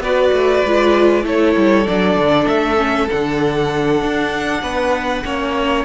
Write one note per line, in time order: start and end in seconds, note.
0.00 0.31 B3
0.00 0.66 F#4
0.00 1.24 B4
0.00 1.26 D5
0.33 0.64 A3
0.65 1.26 G#3
0.65 1.23 F4
1.23 1.56 A3
1.23 1.84 E4
1.23 4.62 A4
1.23 1.88 C#5
1.57 1.87 G3
1.88 2.16 F#3
1.88 2.77 D4
1.88 2.48 D5
2.16 2.47 D3
2.48 3.09 A3
2.48 3.09 E5
2.77 3.07 C#4
3.10 4.02 D3
3.10 5.25 D4
3.10 5.85 F#5
4.02 4.63 D4
4.63 5.24 B3
4.63 5.24 B4
5.25 5.85 A#3
5.25 5.85 C#4
5.25 5.85 C#5